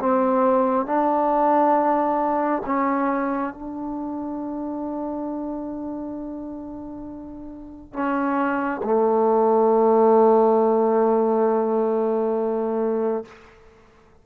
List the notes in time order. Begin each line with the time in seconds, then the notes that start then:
0.00 C4
0.87 D4
2.66 C#4
3.54 D4
7.93 C#4
8.84 A3